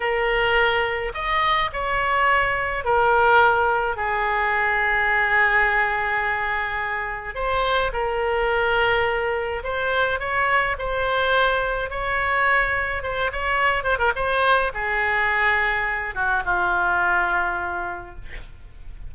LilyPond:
\new Staff \with { instrumentName = "oboe" } { \time 4/4 \tempo 4 = 106 ais'2 dis''4 cis''4~ | cis''4 ais'2 gis'4~ | gis'1~ | gis'4 c''4 ais'2~ |
ais'4 c''4 cis''4 c''4~ | c''4 cis''2 c''8 cis''8~ | cis''8 c''16 ais'16 c''4 gis'2~ | gis'8 fis'8 f'2. | }